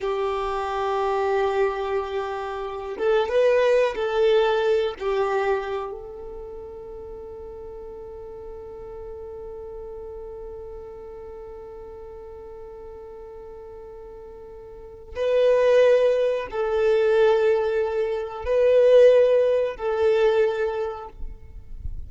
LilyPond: \new Staff \with { instrumentName = "violin" } { \time 4/4 \tempo 4 = 91 g'1~ | g'8 a'8 b'4 a'4. g'8~ | g'4 a'2.~ | a'1~ |
a'1~ | a'2. b'4~ | b'4 a'2. | b'2 a'2 | }